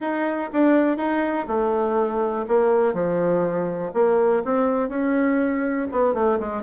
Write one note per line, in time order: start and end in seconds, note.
0.00 0.50 D#4
0.53 0.97 D4
0.97 1.46 D#4
1.47 2.45 A3
2.48 2.93 A#3
2.93 3.92 F3
3.93 4.43 A#3
4.44 4.88 C4
4.88 5.87 C#4
5.92 6.14 B3
6.14 6.38 A3
6.39 6.62 G#3